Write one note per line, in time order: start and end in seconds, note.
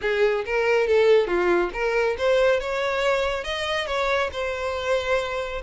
0.01 0.45 G#4
0.45 0.87 A#4
0.87 1.27 A4
1.27 1.70 F4
1.73 2.16 A#4
2.17 2.60 C5
2.60 3.44 C#5
3.44 3.86 D#5
3.86 4.29 C#5
4.32 5.62 C5